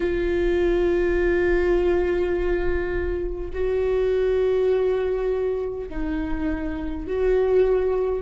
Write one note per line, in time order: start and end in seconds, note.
0.00 3.50 F4
3.53 5.88 F#4
5.89 7.06 D#4
7.07 8.22 F#4